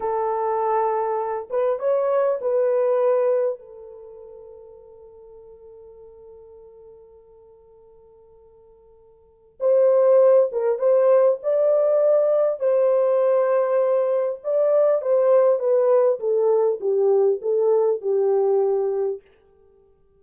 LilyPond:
\new Staff \with { instrumentName = "horn" } { \time 4/4 \tempo 4 = 100 a'2~ a'8 b'8 cis''4 | b'2 a'2~ | a'1~ | a'1 |
c''4. ais'8 c''4 d''4~ | d''4 c''2. | d''4 c''4 b'4 a'4 | g'4 a'4 g'2 | }